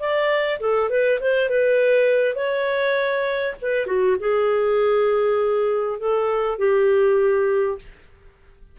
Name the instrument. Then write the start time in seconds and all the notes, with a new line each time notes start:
clarinet
0.00 D5
0.61 A4
0.90 B4
1.21 C5
1.50 B4
2.36 C#5
3.62 B4
3.87 F#4
4.20 G#4
6.00 A4
6.59 G4